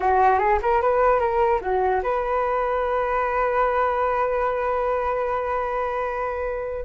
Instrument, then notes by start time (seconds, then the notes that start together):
flute
0.00 F#4
0.38 G#4
0.62 A#4
0.81 B4
1.19 A#4
1.61 F#4
2.02 B4